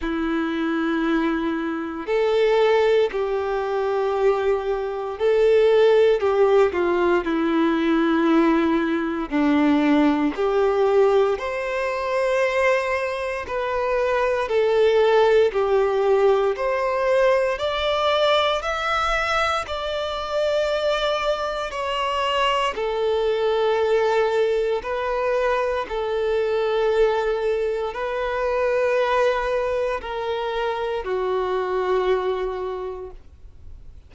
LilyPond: \new Staff \with { instrumentName = "violin" } { \time 4/4 \tempo 4 = 58 e'2 a'4 g'4~ | g'4 a'4 g'8 f'8 e'4~ | e'4 d'4 g'4 c''4~ | c''4 b'4 a'4 g'4 |
c''4 d''4 e''4 d''4~ | d''4 cis''4 a'2 | b'4 a'2 b'4~ | b'4 ais'4 fis'2 | }